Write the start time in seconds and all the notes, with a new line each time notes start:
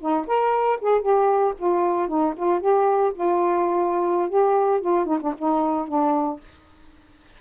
0.00 D#4
0.27 A#4
0.81 G#4
1.01 G4
1.58 F4
2.08 D#4
2.36 F4
2.60 G4
3.14 F4
4.29 G4
4.81 F4
5.06 D#4
5.21 D4
5.38 D#4
5.88 D4